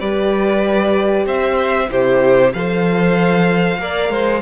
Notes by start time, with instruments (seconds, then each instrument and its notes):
0.00 cello G3, horn G4, violin B4 D5
1.26 cello C4, violin C5 E5
1.89 cello C3, horn E4, violin G4 C5
2.54 cello F3, horn A4, violin C5 F5
3.79 cello A#3, horn A#4, violin D5
4.10 cello G#3, violin C5